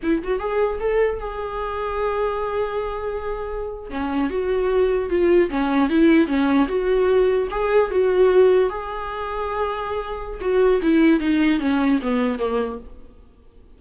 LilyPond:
\new Staff \with { instrumentName = "viola" } { \time 4/4 \tempo 4 = 150 e'8 fis'8 gis'4 a'4 gis'4~ | gis'1~ | gis'4.~ gis'16 cis'4 fis'4~ fis'16~ | fis'8. f'4 cis'4 e'4 cis'16~ |
cis'8. fis'2 gis'4 fis'16~ | fis'4.~ fis'16 gis'2~ gis'16~ | gis'2 fis'4 e'4 | dis'4 cis'4 b4 ais4 | }